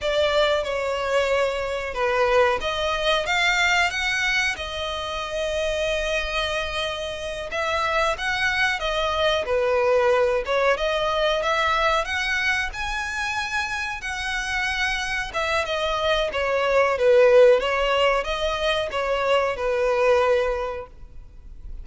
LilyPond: \new Staff \with { instrumentName = "violin" } { \time 4/4 \tempo 4 = 92 d''4 cis''2 b'4 | dis''4 f''4 fis''4 dis''4~ | dis''2.~ dis''8 e''8~ | e''8 fis''4 dis''4 b'4. |
cis''8 dis''4 e''4 fis''4 gis''8~ | gis''4. fis''2 e''8 | dis''4 cis''4 b'4 cis''4 | dis''4 cis''4 b'2 | }